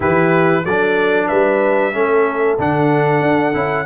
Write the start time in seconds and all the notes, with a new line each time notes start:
0.00 E3 E4 G4 B4
0.64 F#3 D4 A4 D5
1.28 G3 B4 E5
1.92 A3 C#4 A4
2.58 D3 D4 F#5
3.21 D4
3.53 C#4 E4